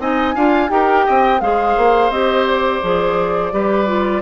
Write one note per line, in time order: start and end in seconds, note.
0.00 0.35 C4
0.00 0.36 D#4
0.00 0.35 D#5
0.00 0.71 G#5
0.35 0.70 D4
0.35 0.69 F4
0.35 0.71 F5
0.69 1.06 D#4
0.69 1.40 G4
0.69 1.06 A#4
0.69 1.41 G5
1.06 1.41 C4
1.06 1.42 D#5
1.41 1.77 G#3
1.41 2.13 G#4
1.41 3.54 C5
1.41 2.11 F5
1.77 2.11 A#3
2.11 2.81 C4
2.11 2.83 G4
2.11 2.46 D#5
2.47 4.23 D5
2.83 3.53 F3
2.83 3.52 G#4
3.52 4.23 G3
3.52 3.87 G4
3.52 4.23 B4
3.87 4.22 F4